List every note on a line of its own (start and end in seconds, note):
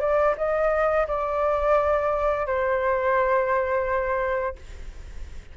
0.00 0.35 D5
0.37 1.07 D#5
1.08 2.46 D5
2.46 4.55 C5